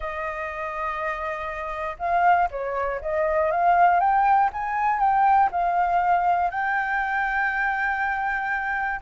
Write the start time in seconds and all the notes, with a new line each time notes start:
0.00 D#5
1.98 F5
2.50 C#5
3.01 D#5
3.51 F5
4.00 G5
4.52 G#5
4.99 G5
5.51 F5
6.50 G5